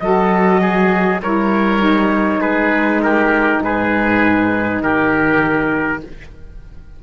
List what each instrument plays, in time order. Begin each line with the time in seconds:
0.00 cello F#3, saxophone F#4, oboe A4, trumpet D#5
0.61 oboe G#4
1.22 cello G3, saxophone E4, oboe A#4, trumpet C#5
1.80 saxophone D#4
2.39 cello G#3, oboe G#4, trumpet B4
3.02 oboe G4, trumpet A#4
3.61 cello G#2, oboe G#4, trumpet B4
4.83 cello D#3, oboe G4, trumpet A#4